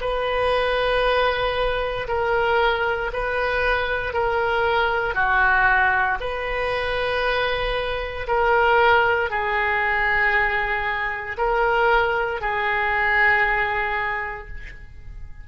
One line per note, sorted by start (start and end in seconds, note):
0.00 2.07 B4
2.07 3.11 A#4
3.12 4.13 B4
4.13 5.14 A#4
5.14 6.18 F#4
6.20 8.27 B4
8.27 9.30 A#4
9.30 11.37 G#4
11.37 12.40 A#4
12.40 14.47 G#4